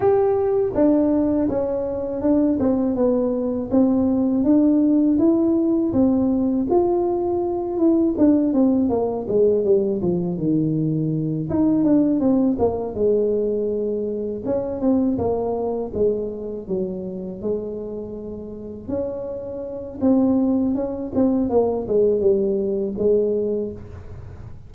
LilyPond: \new Staff \with { instrumentName = "tuba" } { \time 4/4 \tempo 4 = 81 g'4 d'4 cis'4 d'8 c'8 | b4 c'4 d'4 e'4 | c'4 f'4. e'8 d'8 c'8 | ais8 gis8 g8 f8 dis4. dis'8 |
d'8 c'8 ais8 gis2 cis'8 | c'8 ais4 gis4 fis4 gis8~ | gis4. cis'4. c'4 | cis'8 c'8 ais8 gis8 g4 gis4 | }